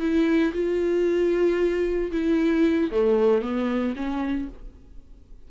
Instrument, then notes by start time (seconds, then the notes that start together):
viola
0.00 E4
0.54 F4
2.12 E4
2.92 A3
3.42 B3
3.96 C#4